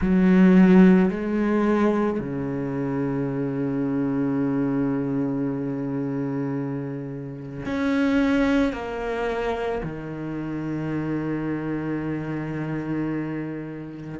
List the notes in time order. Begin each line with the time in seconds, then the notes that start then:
0.00 F#3
1.10 G#3
2.19 C#3
7.65 C#4
8.72 A#3
9.83 D#3